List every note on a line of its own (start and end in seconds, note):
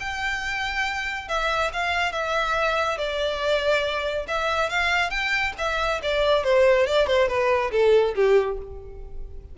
0.00 1.29 G5
1.29 1.71 E5
1.73 2.12 F5
2.12 2.98 E5
2.98 4.27 D5
4.28 4.70 E5
4.70 5.11 F5
5.11 5.53 G5
5.59 6.01 E5
6.03 6.44 D5
6.44 6.87 C5
6.87 7.07 D5
7.07 7.28 C5
7.28 7.71 B4
7.72 8.15 A4
8.15 8.58 G4